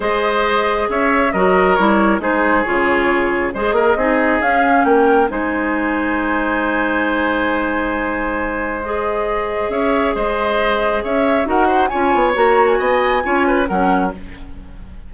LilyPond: <<
  \new Staff \with { instrumentName = "flute" } { \time 4/4 \tempo 4 = 136 dis''2 e''4 dis''4 | cis''4 c''4 cis''2 | dis''2 f''4 g''4 | gis''1~ |
gis''1 | dis''2 e''4 dis''4~ | dis''4 e''4 fis''4 gis''4 | ais''8. gis''2~ gis''16 fis''4 | }
  \new Staff \with { instrumentName = "oboe" } { \time 4/4 c''2 cis''4 ais'4~ | ais'4 gis'2. | c''8 ais'8 gis'2 ais'4 | c''1~ |
c''1~ | c''2 cis''4 c''4~ | c''4 cis''4 ais'8 c''8 cis''4~ | cis''4 dis''4 cis''8 b'8 ais'4 | }
  \new Staff \with { instrumentName = "clarinet" } { \time 4/4 gis'2. fis'4 | e'4 dis'4 f'2 | gis'4 dis'4 cis'2 | dis'1~ |
dis'1 | gis'1~ | gis'2 fis'4 f'4 | fis'2 f'4 cis'4 | }
  \new Staff \with { instrumentName = "bassoon" } { \time 4/4 gis2 cis'4 fis4 | g4 gis4 cis2 | gis8 ais8 c'4 cis'4 ais4 | gis1~ |
gis1~ | gis2 cis'4 gis4~ | gis4 cis'4 dis'4 cis'8 b8 | ais4 b4 cis'4 fis4 | }
>>